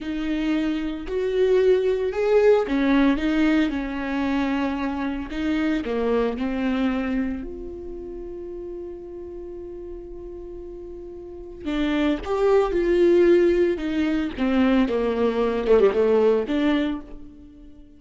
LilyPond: \new Staff \with { instrumentName = "viola" } { \time 4/4 \tempo 4 = 113 dis'2 fis'2 | gis'4 cis'4 dis'4 cis'4~ | cis'2 dis'4 ais4 | c'2 f'2~ |
f'1~ | f'2 d'4 g'4 | f'2 dis'4 c'4 | ais4. a16 g16 a4 d'4 | }